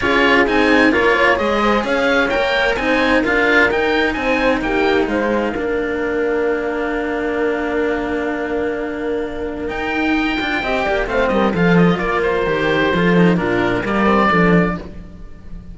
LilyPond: <<
  \new Staff \with { instrumentName = "oboe" } { \time 4/4 \tempo 4 = 130 cis''4 gis''4 cis''4 dis''4 | f''4 g''4 gis''4 f''4 | g''4 gis''4 g''4 f''4~ | f''1~ |
f''1~ | f''4 g''2. | f''8 dis''8 f''8 dis''8 d''8 c''4.~ | c''4 ais'4 d''2 | }
  \new Staff \with { instrumentName = "horn" } { \time 4/4 gis'2 ais'8 cis''4 c''8 | cis''2 c''4 ais'4~ | ais'4 c''4 g'4 c''4 | ais'1~ |
ais'1~ | ais'2. dis''8 d''8 | c''8 ais'8 a'4 ais'2 | a'4 f'4 ais'4 a'4 | }
  \new Staff \with { instrumentName = "cello" } { \time 4/4 f'4 dis'4 f'4 gis'4~ | gis'4 ais'4 dis'4 f'4 | dis'1 | d'1~ |
d'1~ | d'4 dis'4. f'8 g'4 | c'4 f'2 g'4 | f'8 dis'8 d'4 ais8 c'8 d'4 | }
  \new Staff \with { instrumentName = "cello" } { \time 4/4 cis'4 c'4 ais4 gis4 | cis'4 ais4 c'4 d'4 | dis'4 c'4 ais4 gis4 | ais1~ |
ais1~ | ais4 dis'4. d'8 c'8 ais8 | a8 g8 f4 ais4 dis4 | f4 ais,4 g4 f4 | }
>>